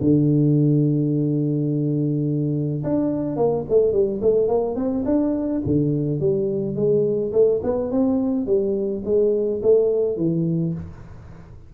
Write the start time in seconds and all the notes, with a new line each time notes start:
0.00 D3
2.84 D4
3.36 A#3
3.69 A3
3.92 G3
4.21 A3
4.48 A#3
4.75 C4
5.05 D4
5.65 D3
6.20 G3
6.75 G#3
7.32 A3
7.63 B3
7.91 C4
8.46 G3
9.04 G#3
9.62 A3
10.17 E3